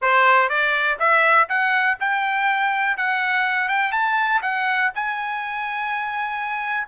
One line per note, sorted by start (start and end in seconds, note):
0.01 0.49 C5
0.49 0.98 D5
0.99 1.48 E5
1.48 1.97 F#5
2.00 2.97 G5
2.97 3.68 F#5
3.68 3.91 G5
3.91 4.41 A5
4.42 4.91 F#5
4.94 6.87 G#5